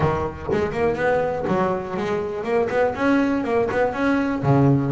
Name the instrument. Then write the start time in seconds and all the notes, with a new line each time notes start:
double bass
0.00 D#3
0.52 G#3
0.72 A#3
0.95 B3
1.47 F#3
1.96 G#3
2.43 A#3
2.69 B3
2.94 C#4
3.44 A#3
3.71 B3
3.93 C#4
4.43 C#3